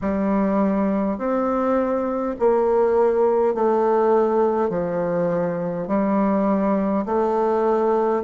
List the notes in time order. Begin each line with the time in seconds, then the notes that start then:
0.01 G3
1.18 C4
2.39 A#3
3.54 A3
4.70 F3
5.87 G3
7.05 A3